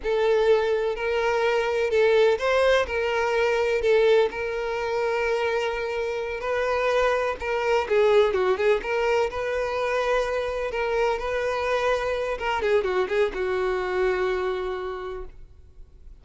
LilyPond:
\new Staff \with { instrumentName = "violin" } { \time 4/4 \tempo 4 = 126 a'2 ais'2 | a'4 c''4 ais'2 | a'4 ais'2.~ | ais'4. b'2 ais'8~ |
ais'8 gis'4 fis'8 gis'8 ais'4 b'8~ | b'2~ b'8 ais'4 b'8~ | b'2 ais'8 gis'8 fis'8 gis'8 | fis'1 | }